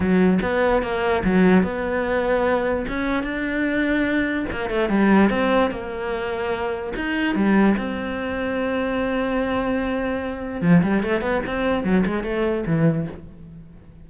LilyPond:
\new Staff \with { instrumentName = "cello" } { \time 4/4 \tempo 4 = 147 fis4 b4 ais4 fis4 | b2. cis'4 | d'2. ais8 a8 | g4 c'4 ais2~ |
ais4 dis'4 g4 c'4~ | c'1~ | c'2 f8 g8 a8 b8 | c'4 fis8 gis8 a4 e4 | }